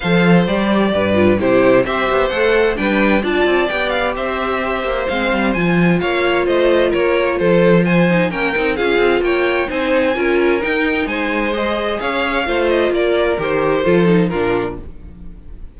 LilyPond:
<<
  \new Staff \with { instrumentName = "violin" } { \time 4/4 \tempo 4 = 130 f''4 d''2 c''4 | e''4 fis''4 g''4 a''4 | g''8 f''8 e''2 f''4 | gis''4 f''4 dis''4 cis''4 |
c''4 gis''4 g''4 f''4 | g''4 gis''2 g''4 | gis''4 dis''4 f''4. dis''8 | d''4 c''2 ais'4 | }
  \new Staff \with { instrumentName = "violin" } { \time 4/4 c''2 b'4 g'4 | c''2 b'4 d''4~ | d''4 c''2.~ | c''4 cis''4 c''4 ais'4 |
a'4 c''4 ais'4 gis'4 | cis''4 c''4 ais'2 | c''2 cis''4 c''4 | ais'2 a'4 f'4 | }
  \new Staff \with { instrumentName = "viola" } { \time 4/4 a'4 g'4. f'8 e'4 | g'4 a'4 d'4 f'4 | g'2. c'4 | f'1~ |
f'4. dis'8 cis'8 dis'8 f'4~ | f'4 dis'4 f'4 dis'4~ | dis'4 gis'2 f'4~ | f'4 g'4 f'8 dis'8 d'4 | }
  \new Staff \with { instrumentName = "cello" } { \time 4/4 f4 g4 g,4 c4 | c'8 b8 a4 g4 d'8 c'8 | b4 c'4. ais8 gis8 g8 | f4 ais4 a4 ais4 |
f2 ais8 c'8 cis'8 c'8 | ais4 c'4 cis'4 dis'4 | gis2 cis'4 a4 | ais4 dis4 f4 ais,4 | }
>>